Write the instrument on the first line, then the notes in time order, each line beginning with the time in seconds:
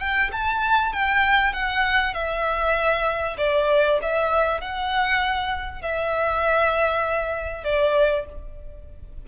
violin
0.00 G5
0.33 A5
0.93 G5
1.53 F#5
2.14 E5
3.38 D5
4.02 E5
4.61 F#5
5.82 E5
7.64 D5